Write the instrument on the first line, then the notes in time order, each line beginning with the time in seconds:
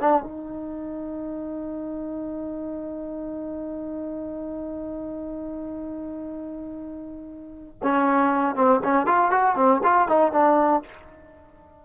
trombone
0.00 D4
0.23 D#4
7.82 C#4
8.55 C4
8.84 C#4
9.06 F4
9.31 F#4
9.56 C4
9.83 F4
10.08 D#4
10.32 D4